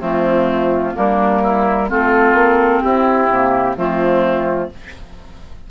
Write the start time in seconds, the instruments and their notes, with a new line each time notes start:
0.00 bassoon F3, clarinet A3, oboe C4, flute F4
0.94 bassoon G3, clarinet A#3, oboe D4, flute A#4
1.43 oboe E4
1.89 bassoon A3, clarinet C4, oboe F4, flute A4
2.34 bassoon A#3
2.82 bassoon C4, oboe E4, flute G4
3.29 bassoon C3, clarinet A#3
3.77 bassoon F3, clarinet A3, oboe C4, flute F4